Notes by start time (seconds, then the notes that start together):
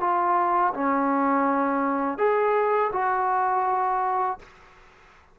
0.00 F4
0.74 C#4
2.18 G#4
2.92 F#4